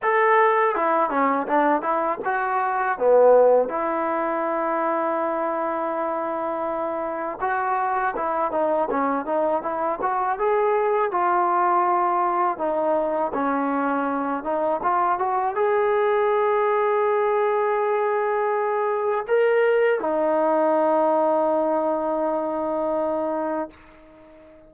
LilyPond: \new Staff \with { instrumentName = "trombone" } { \time 4/4 \tempo 4 = 81 a'4 e'8 cis'8 d'8 e'8 fis'4 | b4 e'2.~ | e'2 fis'4 e'8 dis'8 | cis'8 dis'8 e'8 fis'8 gis'4 f'4~ |
f'4 dis'4 cis'4. dis'8 | f'8 fis'8 gis'2.~ | gis'2 ais'4 dis'4~ | dis'1 | }